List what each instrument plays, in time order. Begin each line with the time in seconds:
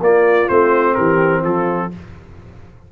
0.00 tuba A#3, trombone A#3, horn F4, trumpet D5
0.49 tuba A3, trombone C4, trumpet C5
0.95 tuba E3, horn G4, trumpet A#4
1.41 tuba F3, horn F4, trumpet A4